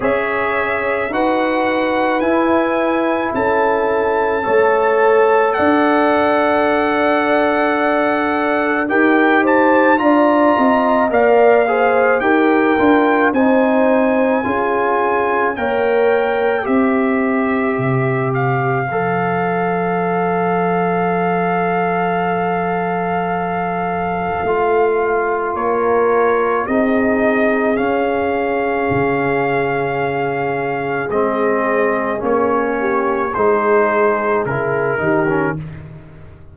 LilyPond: <<
  \new Staff \with { instrumentName = "trumpet" } { \time 4/4 \tempo 4 = 54 e''4 fis''4 gis''4 a''4~ | a''4 fis''2. | g''8 a''8 ais''4 f''4 g''4 | gis''2 g''4 e''4~ |
e''8 f''2.~ f''8~ | f''2. cis''4 | dis''4 f''2. | dis''4 cis''4 c''4 ais'4 | }
  \new Staff \with { instrumentName = "horn" } { \time 4/4 cis''4 b'2 a'4 | cis''4 d''2. | ais'8 c''8 d''8 dis''8 d''8 c''8 ais'4 | c''4 gis'4 cis''4 c''4~ |
c''1~ | c''2. ais'4 | gis'1~ | gis'4. g'8 gis'4. g'8 | }
  \new Staff \with { instrumentName = "trombone" } { \time 4/4 gis'4 fis'4 e'2 | a'1 | g'4 f'4 ais'8 gis'8 g'8 f'8 | dis'4 f'4 ais'4 g'4~ |
g'4 a'2.~ | a'2 f'2 | dis'4 cis'2. | c'4 cis'4 dis'4 e'8 dis'16 cis'16 | }
  \new Staff \with { instrumentName = "tuba" } { \time 4/4 cis'4 dis'4 e'4 cis'4 | a4 d'2. | dis'4 d'8 c'8 ais4 dis'8 d'8 | c'4 cis'4 ais4 c'4 |
c4 f2.~ | f2 a4 ais4 | c'4 cis'4 cis2 | gis4 ais4 gis4 cis8 dis8 | }
>>